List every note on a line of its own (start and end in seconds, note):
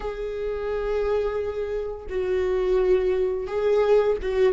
0.00 2.06 G#4
2.09 3.47 F#4
3.47 4.17 G#4
4.22 4.53 F#4